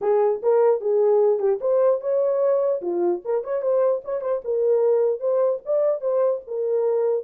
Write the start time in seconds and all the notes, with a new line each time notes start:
0.01 G#4
0.42 A#4
0.80 G#4
1.39 G4
1.61 C5
2.00 C#5
2.81 F4
3.24 A#4
3.44 C#5
3.61 C5
4.04 C#5
4.21 C5
4.44 A#4
5.19 C5
5.65 D5
6.00 C5
6.47 A#4